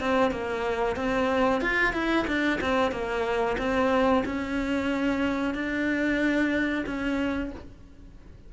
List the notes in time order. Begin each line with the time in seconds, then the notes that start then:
0.00 C4
0.31 A#3
0.96 C4
1.61 F4
1.93 E4
2.27 D4
2.61 C4
2.91 A#3
3.58 C4
4.25 C#4
5.54 D4
6.86 C#4